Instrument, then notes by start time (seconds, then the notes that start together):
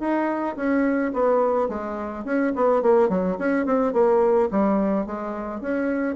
bassoon
0.00 D#4
0.56 C#4
1.14 B3
1.69 G#3
2.25 C#4
2.55 B3
2.82 A#3
3.09 F#3
3.39 C#4
3.66 C4
3.93 A#3
4.51 G3
5.06 G#3
5.61 C#4